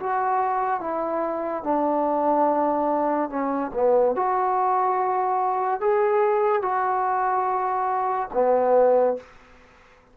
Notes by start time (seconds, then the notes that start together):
0.00 F#4
0.81 E4
1.64 D4
3.30 C#4
3.74 B3
4.16 F#4
5.81 G#4
6.62 F#4
8.34 B3